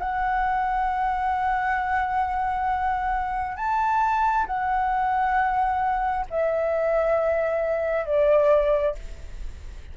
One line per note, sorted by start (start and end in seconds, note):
0.00 3.57 F#5
3.57 4.47 A5
4.47 6.26 F#5
6.31 8.06 E5
8.06 8.96 D5